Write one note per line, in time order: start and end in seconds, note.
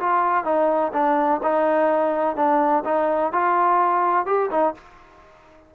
0.00 0.45 F4
0.45 0.93 D#4
0.94 1.41 D4
1.43 2.36 D#4
2.36 2.84 D4
2.85 3.33 D#4
3.33 4.26 F4
4.26 4.50 G4
4.51 4.75 D#4